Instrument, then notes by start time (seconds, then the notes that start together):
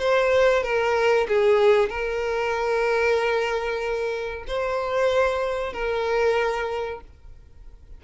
violin
0.00 C5
0.64 A#4
1.29 G#4
1.90 A#4
4.48 C5
5.74 A#4